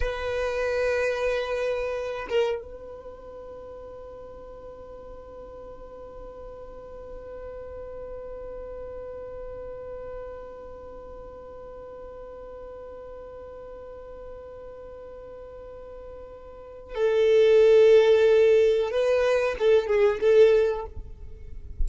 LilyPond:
\new Staff \with { instrumentName = "violin" } { \time 4/4 \tempo 4 = 92 b'2.~ b'8 ais'8 | b'1~ | b'1~ | b'1~ |
b'1~ | b'1~ | b'2 a'2~ | a'4 b'4 a'8 gis'8 a'4 | }